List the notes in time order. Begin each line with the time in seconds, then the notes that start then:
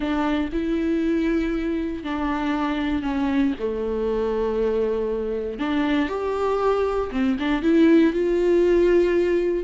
0.00 D4
0.52 E4
2.03 D4
3.02 C#4
3.59 A3
5.59 D4
6.08 G4
7.11 C4
7.39 D4
7.62 E4
8.13 F4